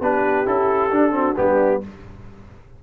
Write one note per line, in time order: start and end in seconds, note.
0.00 0.45 B3
0.00 0.45 D4
0.00 1.14 G4
0.00 0.47 B4
0.45 0.91 C#4
0.45 0.91 E4
0.45 1.37 A4
0.91 1.36 D4
0.91 1.11 D4
1.11 1.34 C4
1.11 1.38 F#4
1.36 1.83 G3
1.36 1.81 B3
1.36 1.83 D4
1.36 1.82 G4